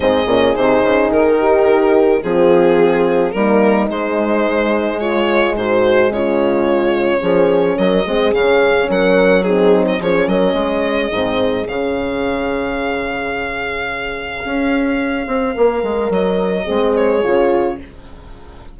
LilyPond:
<<
  \new Staff \with { instrumentName = "violin" } { \time 4/4 \tempo 4 = 108 dis''4 c''4 ais'2 | gis'2 ais'4 c''4~ | c''4 cis''4 c''4 cis''4~ | cis''2 dis''4 f''4 |
fis''4 gis'8. dis''16 cis''8 dis''4.~ | dis''4 f''2.~ | f''1~ | f''4 dis''4. cis''4. | }
  \new Staff \with { instrumentName = "horn" } { \time 4/4 gis'2~ gis'8 g'4. | f'2 dis'2~ | dis'4 f'4 fis'4 f'4~ | f'4 gis'4 ais'8 gis'4. |
ais'4 dis'4 gis'8 ais'8 gis'4~ | gis'1~ | gis'1 | ais'2 gis'2 | }
  \new Staff \with { instrumentName = "horn" } { \time 4/4 c'8 cis'8 dis'2. | c'2 ais4 gis4~ | gis1~ | gis4 cis'4. c'8 cis'4~ |
cis'4 c'4 cis'2 | c'4 cis'2.~ | cis'1~ | cis'2 c'4 f'4 | }
  \new Staff \with { instrumentName = "bassoon" } { \time 4/4 gis,8 ais,8 c8 cis8 dis2 | f2 g4 gis4~ | gis2 gis,4 cis4~ | cis4 f4 fis8 gis8 cis4 |
fis2 f8 fis8 gis4 | gis,4 cis2.~ | cis2 cis'4. c'8 | ais8 gis8 fis4 gis4 cis4 | }
>>